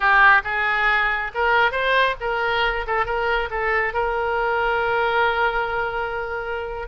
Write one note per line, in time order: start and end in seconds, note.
0.00 0.42 G4
0.44 1.31 G#4
1.34 1.71 A#4
1.71 2.15 C5
2.20 2.86 A#4
2.87 3.05 A4
3.05 3.49 A#4
3.50 3.93 A4
3.93 6.88 A#4